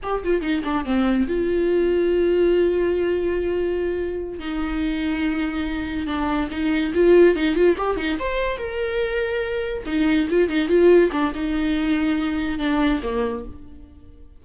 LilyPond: \new Staff \with { instrumentName = "viola" } { \time 4/4 \tempo 4 = 143 g'8 f'8 dis'8 d'8 c'4 f'4~ | f'1~ | f'2~ f'8 dis'4.~ | dis'2~ dis'8 d'4 dis'8~ |
dis'8 f'4 dis'8 f'8 g'8 dis'8 c''8~ | c''8 ais'2. dis'8~ | dis'8 f'8 dis'8 f'4 d'8 dis'4~ | dis'2 d'4 ais4 | }